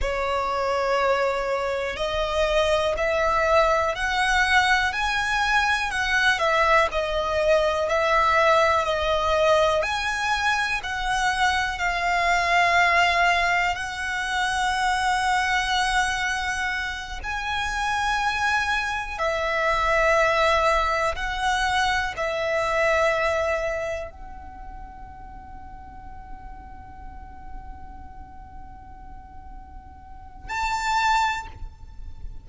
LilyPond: \new Staff \with { instrumentName = "violin" } { \time 4/4 \tempo 4 = 61 cis''2 dis''4 e''4 | fis''4 gis''4 fis''8 e''8 dis''4 | e''4 dis''4 gis''4 fis''4 | f''2 fis''2~ |
fis''4. gis''2 e''8~ | e''4. fis''4 e''4.~ | e''8 fis''2.~ fis''8~ | fis''2. a''4 | }